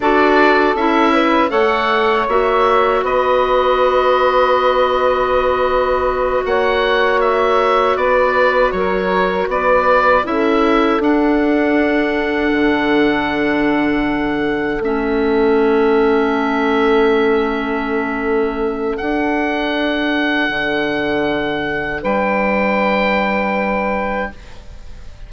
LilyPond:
<<
  \new Staff \with { instrumentName = "oboe" } { \time 4/4 \tempo 4 = 79 d''4 e''4 fis''4 e''4 | dis''1~ | dis''8 fis''4 e''4 d''4 cis''8~ | cis''8 d''4 e''4 fis''4.~ |
fis''2.~ fis''8 e''8~ | e''1~ | e''4 fis''2.~ | fis''4 g''2. | }
  \new Staff \with { instrumentName = "saxophone" } { \time 4/4 a'4. b'8 cis''2 | b'1~ | b'8 cis''2 b'4 ais'8~ | ais'8 b'4 a'2~ a'8~ |
a'1~ | a'1~ | a'1~ | a'4 b'2. | }
  \new Staff \with { instrumentName = "clarinet" } { \time 4/4 fis'4 e'4 a'4 fis'4~ | fis'1~ | fis'1~ | fis'4. e'4 d'4.~ |
d'2.~ d'8 cis'8~ | cis'1~ | cis'4 d'2.~ | d'1 | }
  \new Staff \with { instrumentName = "bassoon" } { \time 4/4 d'4 cis'4 a4 ais4 | b1~ | b8 ais2 b4 fis8~ | fis8 b4 cis'4 d'4.~ |
d'8 d2. a8~ | a1~ | a4 d'2 d4~ | d4 g2. | }
>>